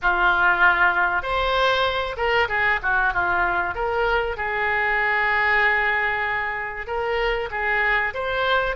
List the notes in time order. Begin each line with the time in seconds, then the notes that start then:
0.02 F4
1.22 C5
2.16 A#4
2.48 G#4
2.82 F#4
3.13 F4
3.74 A#4
4.37 G#4
6.86 A#4
7.51 G#4
8.14 C5